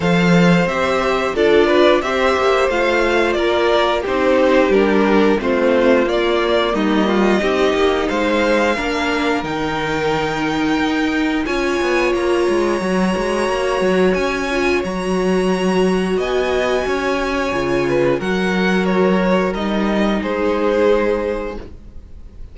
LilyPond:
<<
  \new Staff \with { instrumentName = "violin" } { \time 4/4 \tempo 4 = 89 f''4 e''4 d''4 e''4 | f''4 d''4 c''4 ais'4 | c''4 d''4 dis''2 | f''2 g''2~ |
g''4 gis''4 ais''2~ | ais''4 gis''4 ais''2 | gis''2. fis''4 | cis''4 dis''4 c''2 | }
  \new Staff \with { instrumentName = "violin" } { \time 4/4 c''2 a'8 b'8 c''4~ | c''4 ais'4 g'2 | f'2 dis'8 f'8 g'4 | c''4 ais'2.~ |
ais'4 cis''2.~ | cis''1 | dis''4 cis''4. b'8 ais'4~ | ais'2 gis'2 | }
  \new Staff \with { instrumentName = "viola" } { \time 4/4 a'4 g'4 f'4 g'4 | f'2 dis'4 d'4 | c'4 ais2 dis'4~ | dis'4 d'4 dis'2~ |
dis'4 f'2 fis'4~ | fis'4. f'8 fis'2~ | fis'2 f'4 fis'4~ | fis'4 dis'2. | }
  \new Staff \with { instrumentName = "cello" } { \time 4/4 f4 c'4 d'4 c'8 ais8 | a4 ais4 c'4 g4 | a4 ais4 g4 c'8 ais8 | gis4 ais4 dis2 |
dis'4 cis'8 b8 ais8 gis8 fis8 gis8 | ais8 fis8 cis'4 fis2 | b4 cis'4 cis4 fis4~ | fis4 g4 gis2 | }
>>